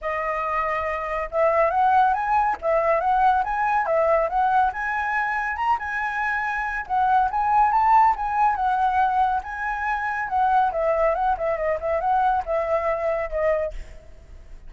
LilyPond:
\new Staff \with { instrumentName = "flute" } { \time 4/4 \tempo 4 = 140 dis''2. e''4 | fis''4 gis''4 e''4 fis''4 | gis''4 e''4 fis''4 gis''4~ | gis''4 ais''8 gis''2~ gis''8 |
fis''4 gis''4 a''4 gis''4 | fis''2 gis''2 | fis''4 e''4 fis''8 e''8 dis''8 e''8 | fis''4 e''2 dis''4 | }